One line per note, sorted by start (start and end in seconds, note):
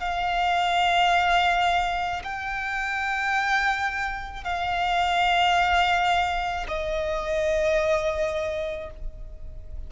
0.00 2.22 F5
2.24 4.44 G5
4.44 6.66 F5
6.68 8.90 D#5